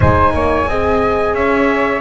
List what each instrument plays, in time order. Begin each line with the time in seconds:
0.00 double bass G#3, horn D#4, flute C5, trumpet G#5
0.33 double bass A#3, flute C#5
0.66 double bass C4, horn G#4, flute D#5
1.33 double bass C#4, flute C#5, trumpet E5